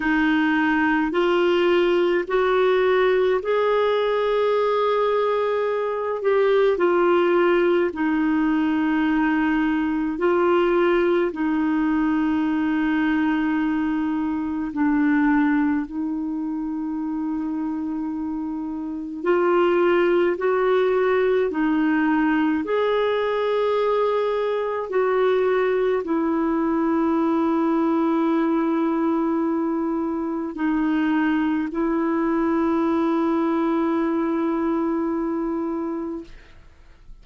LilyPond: \new Staff \with { instrumentName = "clarinet" } { \time 4/4 \tempo 4 = 53 dis'4 f'4 fis'4 gis'4~ | gis'4. g'8 f'4 dis'4~ | dis'4 f'4 dis'2~ | dis'4 d'4 dis'2~ |
dis'4 f'4 fis'4 dis'4 | gis'2 fis'4 e'4~ | e'2. dis'4 | e'1 | }